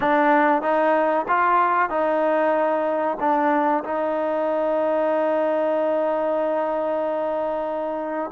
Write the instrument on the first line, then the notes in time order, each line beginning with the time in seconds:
trombone
0.00 D4
0.62 D#4
1.28 F4
1.89 D#4
3.19 D4
3.84 D#4